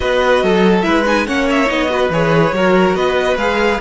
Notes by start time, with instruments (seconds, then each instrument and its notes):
0.00 cello B3, viola F#4, violin B4 D#5
0.42 cello F#3, violin A4
0.81 cello G#3, viola E4, violin B4 E5
1.06 viola D#4, violin G#5
1.26 cello A#3, viola C#4, violin C#5 F#5
1.50 violin E5
1.65 cello B3, viola D#4, violin D#5
1.89 viola F#4, violin B4
2.09 cello E3, viola G#4, violin C#5
2.52 cello F#3, viola F#4, violin A#4
2.94 cello B3, violin B4 D#5
3.36 cello G#3, viola G#4, violin F5